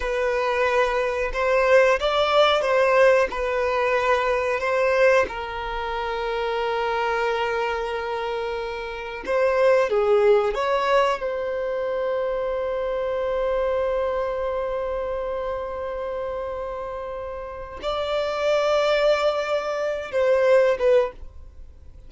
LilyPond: \new Staff \with { instrumentName = "violin" } { \time 4/4 \tempo 4 = 91 b'2 c''4 d''4 | c''4 b'2 c''4 | ais'1~ | ais'2 c''4 gis'4 |
cis''4 c''2.~ | c''1~ | c''2. d''4~ | d''2~ d''8 c''4 b'8 | }